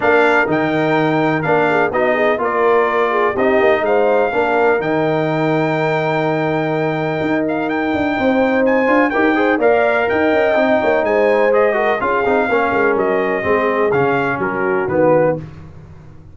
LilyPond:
<<
  \new Staff \with { instrumentName = "trumpet" } { \time 4/4 \tempo 4 = 125 f''4 g''2 f''4 | dis''4 d''2 dis''4 | f''2 g''2~ | g''2.~ g''8 f''8 |
g''2 gis''4 g''4 | f''4 g''2 gis''4 | dis''4 f''2 dis''4~ | dis''4 f''4 ais'4 b'4 | }
  \new Staff \with { instrumentName = "horn" } { \time 4/4 ais'2.~ ais'8 gis'8 | fis'8 gis'8 ais'4. gis'8 g'4 | c''4 ais'2.~ | ais'1~ |
ais'4 c''2 ais'8 c''8 | d''4 dis''4. cis''8 c''4~ | c''8 ais'8 gis'4 ais'2 | gis'2 fis'2 | }
  \new Staff \with { instrumentName = "trombone" } { \time 4/4 d'4 dis'2 d'4 | dis'4 f'2 dis'4~ | dis'4 d'4 dis'2~ | dis'1~ |
dis'2~ dis'8 f'8 g'8 gis'8 | ais'2 dis'2 | gis'8 fis'8 f'8 dis'8 cis'2 | c'4 cis'2 b4 | }
  \new Staff \with { instrumentName = "tuba" } { \time 4/4 ais4 dis2 ais4 | b4 ais2 c'8 ais8 | gis4 ais4 dis2~ | dis2. dis'4~ |
dis'8 d'8 c'4. d'8 dis'4 | ais4 dis'8 cis'8 c'8 ais8 gis4~ | gis4 cis'8 c'8 ais8 gis8 fis4 | gis4 cis4 fis4 dis4 | }
>>